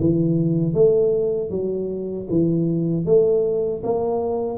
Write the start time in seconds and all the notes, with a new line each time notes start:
0.00 E3
0.73 A3
1.50 F#3
2.30 E3
3.05 A3
3.83 A#3